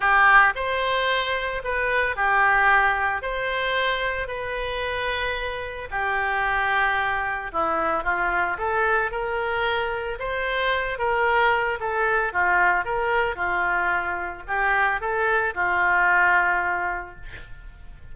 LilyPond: \new Staff \with { instrumentName = "oboe" } { \time 4/4 \tempo 4 = 112 g'4 c''2 b'4 | g'2 c''2 | b'2. g'4~ | g'2 e'4 f'4 |
a'4 ais'2 c''4~ | c''8 ais'4. a'4 f'4 | ais'4 f'2 g'4 | a'4 f'2. | }